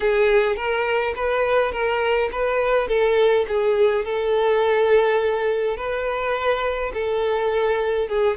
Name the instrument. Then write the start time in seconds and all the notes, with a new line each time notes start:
violin
0.00 G#4
0.56 A#4
1.15 B4
1.72 A#4
2.32 B4
2.88 A4
3.48 G#4
4.04 A4
5.76 B4
6.93 A4
8.08 G#4